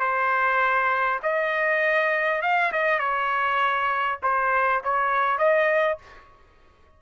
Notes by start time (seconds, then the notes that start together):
0.00 C5
1.23 D#5
2.42 F5
2.72 D#5
2.99 C#5
4.23 C5
4.84 C#5
5.39 D#5